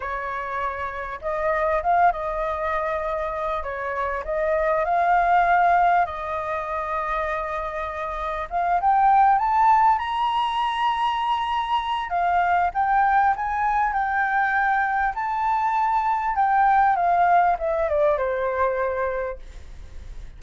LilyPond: \new Staff \with { instrumentName = "flute" } { \time 4/4 \tempo 4 = 99 cis''2 dis''4 f''8 dis''8~ | dis''2 cis''4 dis''4 | f''2 dis''2~ | dis''2 f''8 g''4 a''8~ |
a''8 ais''2.~ ais''8 | f''4 g''4 gis''4 g''4~ | g''4 a''2 g''4 | f''4 e''8 d''8 c''2 | }